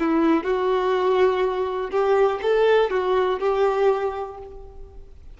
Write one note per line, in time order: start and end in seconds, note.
0.00 0.44 E4
0.44 1.91 F#4
1.91 2.40 G4
2.42 2.91 A4
2.91 3.40 F#4
3.40 4.38 G4